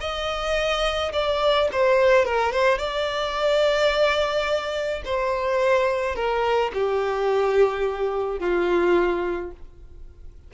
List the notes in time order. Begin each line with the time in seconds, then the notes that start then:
0.00 D#5
1.13 D5
1.72 C5
2.25 A#4
2.52 C5
2.78 D5
5.05 C5
6.15 A#4
6.74 G4
8.39 F4